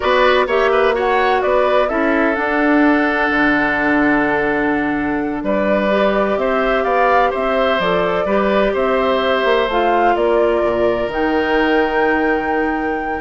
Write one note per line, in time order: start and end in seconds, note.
0.00 0.47 B3
0.00 0.47 F#4
0.00 0.45 B4
0.00 0.47 D5
0.47 1.41 A#3
0.47 0.93 G4
0.47 0.71 C#5
0.47 0.95 E5
0.71 0.94 B4
0.93 1.87 F#4
0.93 1.42 C#5
0.93 1.42 F#5
1.42 1.90 B3
1.42 1.88 B4
1.42 1.88 D5
1.88 2.37 C#4
1.88 2.34 E4
1.88 5.43 A4
1.88 2.34 E5
2.34 5.88 D4
2.34 3.30 D4
2.34 5.42 F#5
3.30 5.42 D3
5.43 6.36 G3
5.43 6.39 B4
5.43 6.37 D5
5.91 7.80 G4
6.36 6.83 C4
6.36 6.84 C5
6.36 6.84 E5
6.84 7.31 B3
6.84 7.30 D5
6.84 7.31 F5
7.30 7.79 C4
7.30 8.25 C5
7.30 7.79 E5
7.79 8.25 F3
7.79 8.27 A4
7.79 8.74 D5
8.25 8.72 G3
8.25 9.68 G4
8.25 8.73 B4
8.73 9.44 C4
8.73 10.14 C5
8.73 9.70 E5
9.44 9.67 A#3
9.67 10.15 A3
9.67 11.09 F4
9.67 10.15 F5
10.15 10.63 A#3
10.15 13.20 A#4
10.15 11.10 D5
10.63 11.07 A#2
11.07 13.20 D#3
11.07 13.20 D#4
11.07 13.20 G5